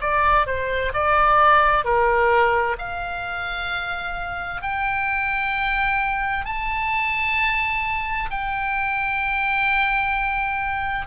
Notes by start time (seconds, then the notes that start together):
0.00 D5
0.46 C5
0.93 D5
1.84 A#4
2.78 F5
4.62 G5
6.45 A5
8.30 G5